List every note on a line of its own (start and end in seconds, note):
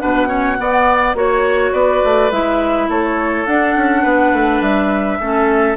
0.00 0.59 B2
0.00 0.27 D4
0.00 0.28 B4
0.00 1.15 F#5
0.27 0.56 C#4
0.27 0.57 C#5
0.59 1.15 B3
0.59 1.14 B3
0.59 1.17 D5
1.14 1.72 A#3
1.14 2.31 F#4
1.14 1.72 C#5
1.14 1.74 C#5
1.72 2.02 B3
1.72 2.88 B4
1.72 2.31 D5
2.04 2.31 A3
2.31 2.89 G#3
2.31 3.47 E4
2.31 2.90 E5
2.89 3.47 A3
2.89 4.03 A4
2.89 3.47 C#5
3.47 3.76 D4
3.47 5.20 D4
3.47 4.62 F#5
3.76 4.05 C#4
4.03 4.33 B3
4.03 5.18 B4
4.33 4.61 A3
4.61 5.19 G3
4.61 5.77 E5
5.21 5.77 A3
5.21 5.77 C#4
5.21 5.77 A4